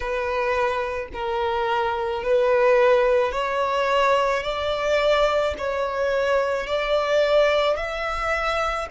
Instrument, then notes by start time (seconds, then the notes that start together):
violin
0.00 B4
1.13 A#4
2.23 B4
3.32 C#5
4.43 D5
5.58 C#5
6.67 D5
7.76 E5